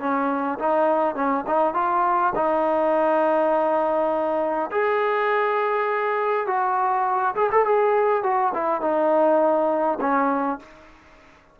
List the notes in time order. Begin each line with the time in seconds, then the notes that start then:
0.00 C#4
0.59 D#4
1.15 C#4
1.47 D#4
1.75 F4
2.36 D#4
4.72 G#4
6.47 F#4
7.36 G#4
7.52 A4
7.65 G#4
8.24 F#4
8.55 E4
8.81 D#4
10.01 C#4